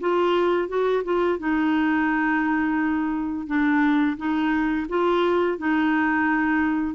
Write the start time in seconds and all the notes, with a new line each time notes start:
0.00 F4
0.68 F#4
1.04 F4
1.38 D#4
3.47 D4
4.17 D#4
4.89 F4
5.58 D#4